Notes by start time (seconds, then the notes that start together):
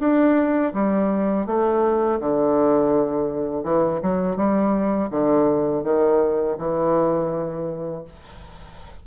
0.00 D4
0.74 G3
1.47 A3
2.20 D3
3.64 E3
4.02 F#3
4.37 G3
5.11 D3
5.84 D#3
6.58 E3